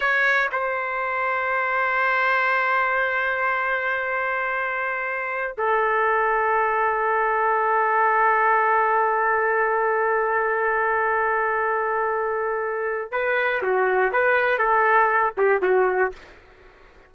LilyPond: \new Staff \with { instrumentName = "trumpet" } { \time 4/4 \tempo 4 = 119 cis''4 c''2.~ | c''1~ | c''2. a'4~ | a'1~ |
a'1~ | a'1~ | a'2 b'4 fis'4 | b'4 a'4. g'8 fis'4 | }